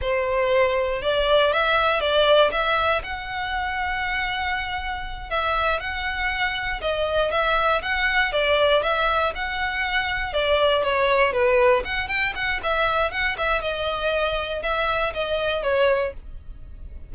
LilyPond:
\new Staff \with { instrumentName = "violin" } { \time 4/4 \tempo 4 = 119 c''2 d''4 e''4 | d''4 e''4 fis''2~ | fis''2~ fis''8 e''4 fis''8~ | fis''4. dis''4 e''4 fis''8~ |
fis''8 d''4 e''4 fis''4.~ | fis''8 d''4 cis''4 b'4 fis''8 | g''8 fis''8 e''4 fis''8 e''8 dis''4~ | dis''4 e''4 dis''4 cis''4 | }